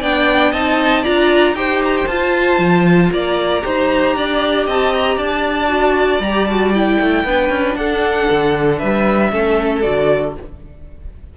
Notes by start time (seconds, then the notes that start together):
0.00 B3 D4 D5 G5
0.51 C4 D#4 D#5 A5
1.02 D4 F4 D5 A#5
1.53 D#4 G4 C5 G5
1.84 A#5
1.97 G5
2.07 F4 A5
2.59 F3
3.11 A#3 D5 A#5
3.61 D#4 G4 C5
4.16 D4 D5
4.66 C4 D#5 A5
4.94 A#5
5.17 D4 D5 A5
5.68 F#4
6.20 G3 G4 A#5
6.46 F#4 A5
6.75 E4 G5
7.01 A3
7.24 B3 D4 B4
7.50 C#4
7.75 D4 A4 F#5
8.31 D3
8.79 G3 B4 E5
9.31 A3 C#4 A4
9.82 D3 F#4 D5